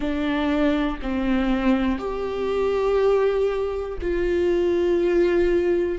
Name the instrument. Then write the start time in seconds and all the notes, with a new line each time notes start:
viola
0.00 D4
1.02 C4
1.98 G4
4.01 F4